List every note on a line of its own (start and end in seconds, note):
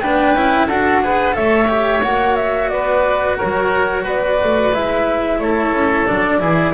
0.00 0.34 B3
0.00 0.36 D4
0.00 0.67 B4
0.00 0.67 G5
0.34 0.68 C#4
0.34 0.70 E4
0.67 1.35 D4
0.67 1.04 F#4
0.67 1.01 A4
0.67 1.35 F#5
1.04 1.33 G#4
1.04 1.36 B4
1.33 2.04 A3
1.33 1.67 A4
1.33 2.71 C#5
1.33 2.03 E5
1.68 2.01 G4
2.03 2.71 A#3
2.03 4.73 F#4
2.03 2.36 F#5
2.36 2.69 E5
2.69 3.38 B3
2.69 3.38 B4
2.69 3.37 D5
3.38 4.05 F#3
3.38 4.04 A#4
3.38 4.06 C#5
4.04 4.39 B3
4.04 5.39 B4
4.04 4.74 D5
4.44 4.76 A3
4.74 5.39 G#3
4.74 6.06 E4
4.74 5.40 E5
5.39 5.73 A3
5.39 6.41 A4
5.39 6.07 C#5
5.73 6.06 C#4
6.06 6.42 F#3
6.06 6.40 D4
6.06 6.74 D5
6.40 6.74 E3
6.40 6.74 E4
6.40 6.74 G#4